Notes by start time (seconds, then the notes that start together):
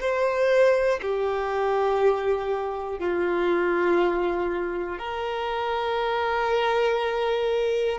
0.00 C5
1.02 G4
3.00 F4
4.99 A#4